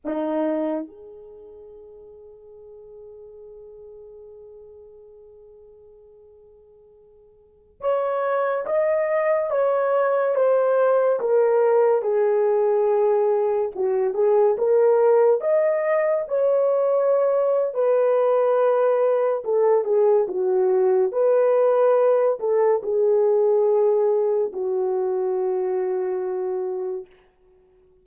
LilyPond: \new Staff \with { instrumentName = "horn" } { \time 4/4 \tempo 4 = 71 dis'4 gis'2.~ | gis'1~ | gis'4~ gis'16 cis''4 dis''4 cis''8.~ | cis''16 c''4 ais'4 gis'4.~ gis'16~ |
gis'16 fis'8 gis'8 ais'4 dis''4 cis''8.~ | cis''4 b'2 a'8 gis'8 | fis'4 b'4. a'8 gis'4~ | gis'4 fis'2. | }